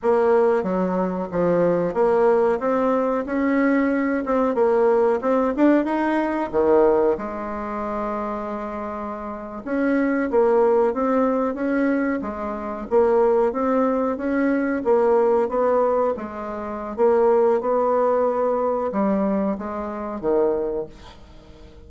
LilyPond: \new Staff \with { instrumentName = "bassoon" } { \time 4/4 \tempo 4 = 92 ais4 fis4 f4 ais4 | c'4 cis'4. c'8 ais4 | c'8 d'8 dis'4 dis4 gis4~ | gis2~ gis8. cis'4 ais16~ |
ais8. c'4 cis'4 gis4 ais16~ | ais8. c'4 cis'4 ais4 b16~ | b8. gis4~ gis16 ais4 b4~ | b4 g4 gis4 dis4 | }